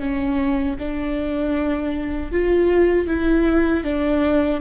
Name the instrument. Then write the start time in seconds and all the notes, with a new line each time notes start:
viola
0.00 C#4
0.79 D4
2.32 F4
3.08 E4
3.84 D4